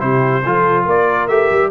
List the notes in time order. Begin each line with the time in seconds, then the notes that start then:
0.00 C3 E4 G4 C5
0.45 F3 F4 A4
0.85 A#3 A#4 D5
1.28 A3 G4 E5
1.51 G3